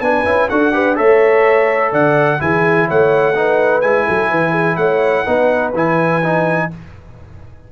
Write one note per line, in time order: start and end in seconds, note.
0.00 0.24 B3
0.00 0.25 D4
0.00 0.50 B4
0.00 0.49 G#5
0.25 0.49 C#4
0.25 0.48 E4
0.49 0.99 D4
0.49 0.73 F#4
0.49 0.74 A4
0.49 0.97 F#5
0.73 0.95 G4
0.73 0.97 B4
0.95 1.92 A3
0.95 2.38 A4
0.95 1.92 C#5
0.95 1.92 E5
1.92 2.39 D3
1.92 2.39 D5
1.92 2.41 F#5
2.39 2.88 E3
2.39 3.34 E4
2.39 2.88 G#4
2.39 2.88 G#5
2.88 3.83 A3
2.88 3.35 C#5
2.88 3.81 F#5
3.35 3.82 D#4
3.35 4.06 B4
3.81 4.07 G#3
3.81 5.25 E4
3.81 4.76 G#5
4.06 4.29 F#3
4.06 4.30 A4
4.29 4.76 E3
4.29 4.51 B4
4.51 4.75 G#4
4.76 5.24 A3
4.76 5.25 C#5
4.76 5.71 F#5
5.25 5.74 B3
5.25 5.73 D#4
5.25 6.68 B4
5.74 6.69 E3
5.74 6.23 E4
5.74 6.71 G#5
6.23 6.70 D#4